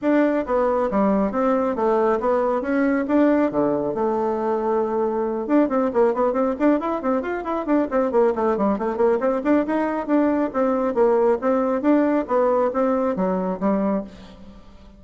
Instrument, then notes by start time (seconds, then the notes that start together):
bassoon
0.01 D4
0.45 B3
0.91 G3
1.31 C4
1.75 A3
2.20 B3
2.61 C#4
3.07 D4
3.51 D3
3.94 A3
5.46 D4
5.69 C4
5.93 A#3
6.14 B3
6.33 C4
6.59 D4
6.80 E4
7.02 C4
7.22 F4
7.44 E4
7.65 D4
7.90 C4
8.11 A#3
8.35 A3
8.57 G3
8.78 A3
8.96 A#3
9.20 C4
9.44 D4
9.66 D#4
10.06 D4
10.53 C4
10.94 A#3
11.41 C4
11.81 D4
12.27 B3
12.73 C4
13.16 F#3
13.60 G3